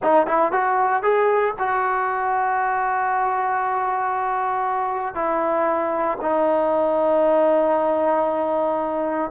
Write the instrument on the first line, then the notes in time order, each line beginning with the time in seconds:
trombone
0.03 D#4
0.27 E4
0.51 F#4
1.02 G#4
1.58 F#4
5.14 E4
6.21 D#4